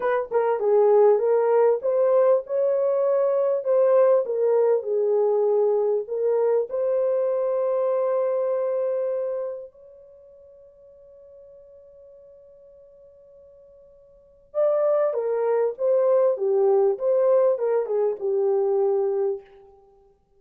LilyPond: \new Staff \with { instrumentName = "horn" } { \time 4/4 \tempo 4 = 99 b'8 ais'8 gis'4 ais'4 c''4 | cis''2 c''4 ais'4 | gis'2 ais'4 c''4~ | c''1 |
cis''1~ | cis''1 | d''4 ais'4 c''4 g'4 | c''4 ais'8 gis'8 g'2 | }